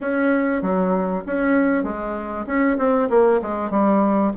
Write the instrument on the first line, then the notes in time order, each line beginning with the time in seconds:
bassoon
0.00 C#4
0.62 F#3
1.26 C#4
1.83 G#3
2.46 C#4
2.78 C4
3.09 A#3
3.42 G#3
3.70 G3